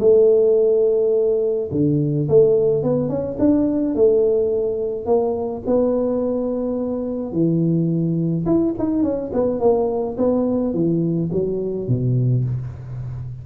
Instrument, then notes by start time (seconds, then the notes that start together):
tuba
0.00 A3
1.72 D3
2.29 A3
2.83 B3
3.09 C#4
3.39 D4
3.95 A3
5.06 A#3
5.67 B3
7.33 E3
8.46 E4
8.79 D#4
9.03 C#4
9.33 B3
9.60 A#3
10.18 B3
10.74 E3
11.32 F#3
11.88 B2